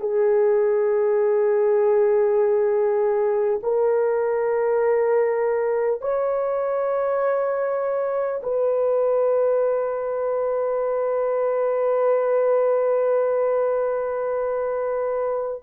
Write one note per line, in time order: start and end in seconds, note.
0.00 3.60 G#4
3.63 6.01 A#4
6.01 8.41 C#5
8.42 15.62 B4